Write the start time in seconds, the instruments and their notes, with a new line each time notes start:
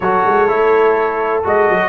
0.00 tuba F#3, trombone F#4, horn A4, trumpet C#5
0.26 tuba G#3
0.47 tuba A3, trombone E4
1.43 tuba G#3, trombone F#4, trumpet D#5
1.70 tuba F#3